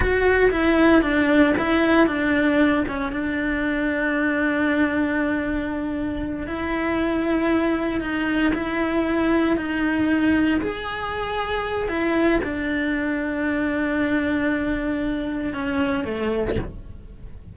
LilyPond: \new Staff \with { instrumentName = "cello" } { \time 4/4 \tempo 4 = 116 fis'4 e'4 d'4 e'4 | d'4. cis'8 d'2~ | d'1~ | d'8 e'2. dis'8~ |
dis'8 e'2 dis'4.~ | dis'8 gis'2~ gis'8 e'4 | d'1~ | d'2 cis'4 a4 | }